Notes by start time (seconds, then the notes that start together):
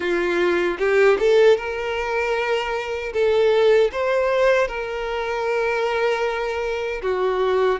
0.00 F4
0.78 G4
1.19 A4
1.57 A#4
3.13 A4
3.92 C5
4.68 A#4
7.02 F#4